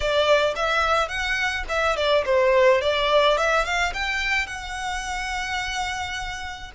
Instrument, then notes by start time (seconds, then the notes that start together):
violin
0.00 D5
0.55 E5
1.08 F#5
1.68 E5
1.96 D5
2.25 C5
2.81 D5
3.37 E5
3.64 F5
3.93 G5
4.47 F#5